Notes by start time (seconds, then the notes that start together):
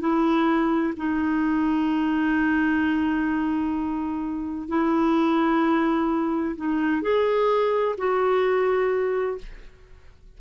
0.00 E4
0.97 D#4
4.69 E4
6.56 D#4
7.02 G#4
7.98 F#4